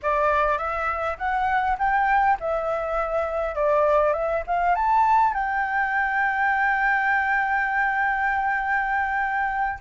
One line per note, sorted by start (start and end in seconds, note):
0.02 0.58 D5
0.58 1.17 E5
1.17 1.77 F#5
1.78 2.37 G5
2.40 3.55 E5
3.55 4.13 D5
4.13 4.43 E5
4.47 4.75 F5
4.75 5.33 A5
5.33 9.79 G5